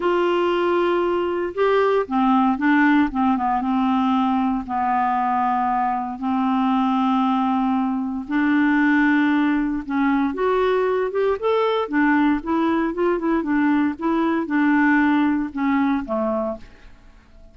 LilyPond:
\new Staff \with { instrumentName = "clarinet" } { \time 4/4 \tempo 4 = 116 f'2. g'4 | c'4 d'4 c'8 b8 c'4~ | c'4 b2. | c'1 |
d'2. cis'4 | fis'4. g'8 a'4 d'4 | e'4 f'8 e'8 d'4 e'4 | d'2 cis'4 a4 | }